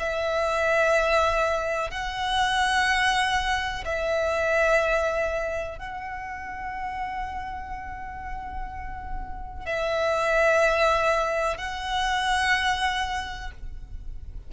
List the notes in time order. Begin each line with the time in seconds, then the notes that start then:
0.00 E5
1.91 F#5
3.85 E5
5.79 F#5
9.66 E5
11.58 F#5